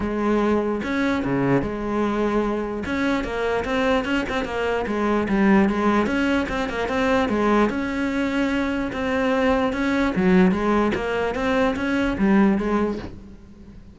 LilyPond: \new Staff \with { instrumentName = "cello" } { \time 4/4 \tempo 4 = 148 gis2 cis'4 cis4 | gis2. cis'4 | ais4 c'4 cis'8 c'8 ais4 | gis4 g4 gis4 cis'4 |
c'8 ais8 c'4 gis4 cis'4~ | cis'2 c'2 | cis'4 fis4 gis4 ais4 | c'4 cis'4 g4 gis4 | }